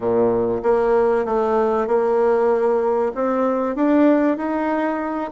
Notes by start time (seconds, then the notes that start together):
0.00 A#2
0.62 A#3
1.25 A3
1.87 A#3
3.14 C4
3.75 D4
4.37 D#4